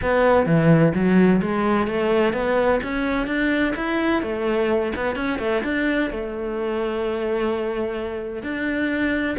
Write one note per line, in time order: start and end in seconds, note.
0.02 0.46 B3
0.46 0.92 E3
0.94 1.41 F#3
1.41 1.87 G#3
1.87 2.33 A3
2.33 2.80 B3
2.83 3.26 C#4
3.26 3.73 D4
3.75 4.22 E4
4.22 4.92 A3
4.95 5.15 B3
5.15 5.38 C#4
5.38 5.62 A3
5.63 6.10 D4
6.10 8.42 A3
8.42 9.36 D4